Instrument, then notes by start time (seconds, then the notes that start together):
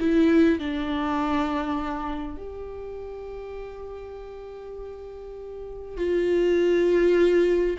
viola
0.00 E4
0.60 D4
2.38 G4
5.98 F4